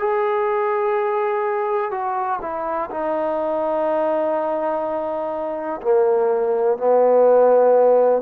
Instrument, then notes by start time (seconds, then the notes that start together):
trombone
0.00 G#4
1.91 F#4
2.42 E4
2.91 D#4
5.82 A#3
6.78 B3